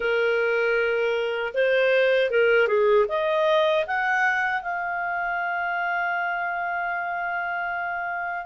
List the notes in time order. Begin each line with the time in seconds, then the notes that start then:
0.00 A#4
1.54 C5
2.30 A#4
2.67 G#4
3.08 D#5
3.86 F#5
4.62 F5